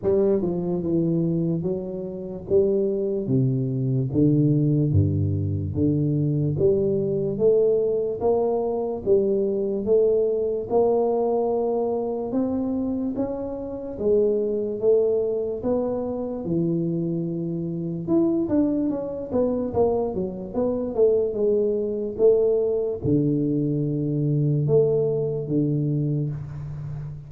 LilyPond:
\new Staff \with { instrumentName = "tuba" } { \time 4/4 \tempo 4 = 73 g8 f8 e4 fis4 g4 | c4 d4 g,4 d4 | g4 a4 ais4 g4 | a4 ais2 c'4 |
cis'4 gis4 a4 b4 | e2 e'8 d'8 cis'8 b8 | ais8 fis8 b8 a8 gis4 a4 | d2 a4 d4 | }